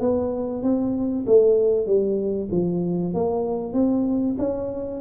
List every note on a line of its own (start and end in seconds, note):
0.00 0.62 B3
0.62 1.25 C4
1.26 1.86 A3
1.86 2.49 G3
2.51 3.14 F3
3.14 3.73 A#3
3.73 4.36 C4
4.38 5.00 C#4